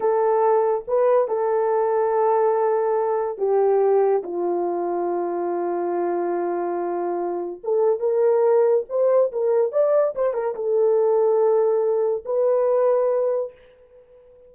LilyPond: \new Staff \with { instrumentName = "horn" } { \time 4/4 \tempo 4 = 142 a'2 b'4 a'4~ | a'1 | g'2 f'2~ | f'1~ |
f'2 a'4 ais'4~ | ais'4 c''4 ais'4 d''4 | c''8 ais'8 a'2.~ | a'4 b'2. | }